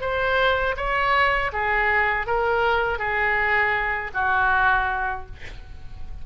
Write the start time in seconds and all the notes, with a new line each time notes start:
0.00 C5
0.76 C#5
1.52 G#4
2.26 A#4
2.98 G#4
4.14 F#4